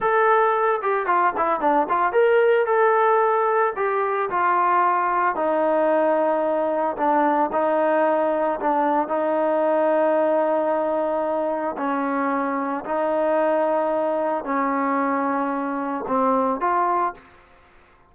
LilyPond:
\new Staff \with { instrumentName = "trombone" } { \time 4/4 \tempo 4 = 112 a'4. g'8 f'8 e'8 d'8 f'8 | ais'4 a'2 g'4 | f'2 dis'2~ | dis'4 d'4 dis'2 |
d'4 dis'2.~ | dis'2 cis'2 | dis'2. cis'4~ | cis'2 c'4 f'4 | }